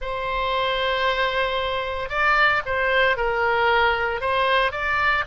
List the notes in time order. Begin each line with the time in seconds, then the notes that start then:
0.00 C5
2.09 D5
2.65 C5
3.16 A#4
4.21 C5
4.71 D5